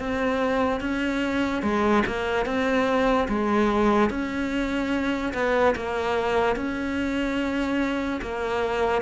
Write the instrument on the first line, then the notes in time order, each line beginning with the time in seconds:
cello
0.00 C4
0.81 C#4
1.63 G#3
2.07 A#3
2.46 C4
3.29 G#3
4.10 C#4
5.34 B3
5.76 A#3
6.56 C#4
8.22 A#3